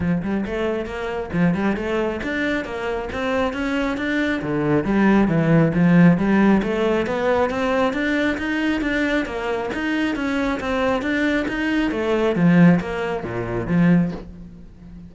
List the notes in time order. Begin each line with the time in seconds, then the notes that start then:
0.00 F3
0.22 G3
0.46 A3
0.85 A#3
1.33 F3
1.54 G3
1.76 A3
2.23 D4
2.64 A#3
3.12 C4
3.53 C#4
3.97 D4
4.42 D3
4.84 G3
5.28 E3
5.74 F3
6.17 G3
6.62 A3
7.06 B3
7.49 C4
7.93 D4
8.37 D#4
8.81 D4
9.25 A#3
9.73 D#4
10.15 C#4
10.60 C4
11.02 D4
11.48 D#4
11.91 A3
12.35 F3
12.80 A#3
13.23 A#2
13.67 F3